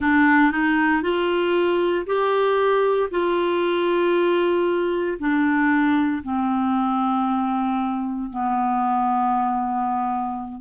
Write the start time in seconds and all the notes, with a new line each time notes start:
0.00 D4
0.51 D#4
1.02 F4
2.06 G4
3.10 F4
5.19 D4
6.23 C4
8.29 B3